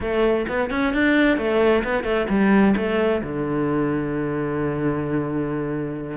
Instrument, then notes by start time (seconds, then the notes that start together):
cello
0.00 A3
0.48 B3
0.70 C#4
0.93 D4
1.37 A3
1.83 B3
2.03 A3
2.29 G3
2.76 A3
3.22 D3